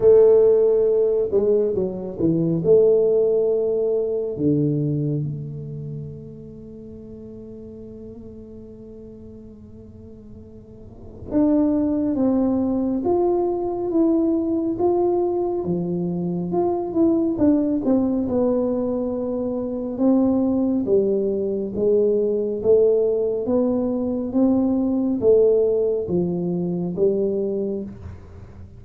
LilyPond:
\new Staff \with { instrumentName = "tuba" } { \time 4/4 \tempo 4 = 69 a4. gis8 fis8 e8 a4~ | a4 d4 a2~ | a1~ | a4 d'4 c'4 f'4 |
e'4 f'4 f4 f'8 e'8 | d'8 c'8 b2 c'4 | g4 gis4 a4 b4 | c'4 a4 f4 g4 | }